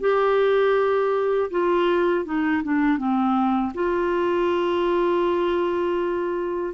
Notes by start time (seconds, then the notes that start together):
0.00 G4
1.51 F4
2.25 D#4
2.63 D4
2.98 C4
3.74 F4